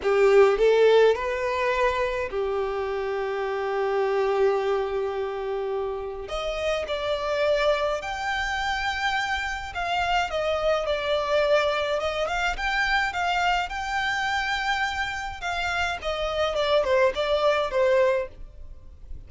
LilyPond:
\new Staff \with { instrumentName = "violin" } { \time 4/4 \tempo 4 = 105 g'4 a'4 b'2 | g'1~ | g'2. dis''4 | d''2 g''2~ |
g''4 f''4 dis''4 d''4~ | d''4 dis''8 f''8 g''4 f''4 | g''2. f''4 | dis''4 d''8 c''8 d''4 c''4 | }